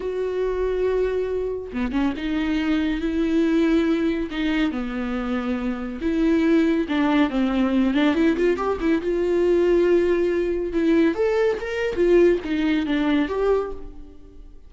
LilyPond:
\new Staff \with { instrumentName = "viola" } { \time 4/4 \tempo 4 = 140 fis'1 | b8 cis'8 dis'2 e'4~ | e'2 dis'4 b4~ | b2 e'2 |
d'4 c'4. d'8 e'8 f'8 | g'8 e'8 f'2.~ | f'4 e'4 a'4 ais'4 | f'4 dis'4 d'4 g'4 | }